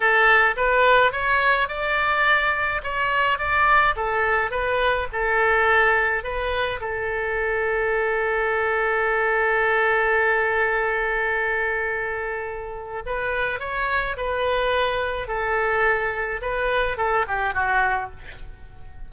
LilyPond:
\new Staff \with { instrumentName = "oboe" } { \time 4/4 \tempo 4 = 106 a'4 b'4 cis''4 d''4~ | d''4 cis''4 d''4 a'4 | b'4 a'2 b'4 | a'1~ |
a'1~ | a'2. b'4 | cis''4 b'2 a'4~ | a'4 b'4 a'8 g'8 fis'4 | }